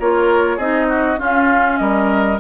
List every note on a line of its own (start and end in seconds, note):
0.00 0.58 A#3
0.00 0.60 F4
0.00 0.57 A#4
0.00 0.59 C#5
0.57 1.19 C4
0.57 1.18 D#4
0.57 0.87 G#4
0.57 1.20 D#5
0.89 1.19 F#4
1.18 2.39 C#4
1.18 1.80 C#4
1.18 1.80 F4
1.18 1.78 F5
1.78 2.40 G3
1.78 2.40 A#4
1.78 2.39 D#5